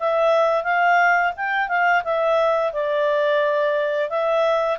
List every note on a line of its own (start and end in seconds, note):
0.00 0.64 E5
0.64 1.33 F5
1.37 1.69 G5
1.69 2.03 F5
2.05 2.73 E5
2.73 4.10 D5
4.10 4.79 E5